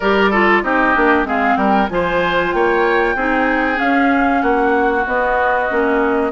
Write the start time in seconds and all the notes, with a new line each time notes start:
0.00 G3 G4 A#4 D5
0.30 F4 A4
0.62 C4 D#4 G4 D#5
0.94 A#3 D4
1.23 G#3 C4 G#4 F5
1.56 G3 A#4 G5
1.89 F3 F4 C5 G#5
2.52 A#3 C#5 G5
3.15 C4 D#4 G#4
3.75 C#4 F5
4.41 A#3 F#4 F#5
5.06 B3 D#5
5.69 A#3 C#4